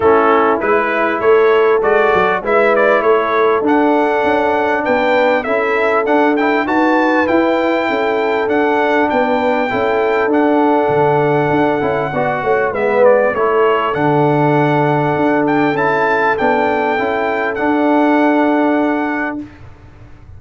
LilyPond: <<
  \new Staff \with { instrumentName = "trumpet" } { \time 4/4 \tempo 4 = 99 a'4 b'4 cis''4 d''4 | e''8 d''8 cis''4 fis''2 | g''4 e''4 fis''8 g''8 a''4 | g''2 fis''4 g''4~ |
g''4 fis''2.~ | fis''4 e''8 d''8 cis''4 fis''4~ | fis''4. g''8 a''4 g''4~ | g''4 fis''2. | }
  \new Staff \with { instrumentName = "horn" } { \time 4/4 e'2 a'2 | b'4 a'2. | b'4 a'2 b'4~ | b'4 a'2 b'4 |
a'1 | d''8 cis''8 b'4 a'2~ | a'1~ | a'1 | }
  \new Staff \with { instrumentName = "trombone" } { \time 4/4 cis'4 e'2 fis'4 | e'2 d'2~ | d'4 e'4 d'8 e'8 fis'4 | e'2 d'2 |
e'4 d'2~ d'8 e'8 | fis'4 b4 e'4 d'4~ | d'2 e'4 d'4 | e'4 d'2. | }
  \new Staff \with { instrumentName = "tuba" } { \time 4/4 a4 gis4 a4 gis8 fis8 | gis4 a4 d'4 cis'4 | b4 cis'4 d'4 dis'4 | e'4 cis'4 d'4 b4 |
cis'4 d'4 d4 d'8 cis'8 | b8 a8 gis4 a4 d4~ | d4 d'4 cis'4 b4 | cis'4 d'2. | }
>>